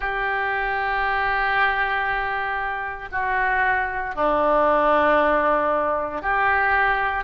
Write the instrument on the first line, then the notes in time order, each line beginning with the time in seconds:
oboe
0.00 G4
3.11 F#4
4.15 D4
6.22 G4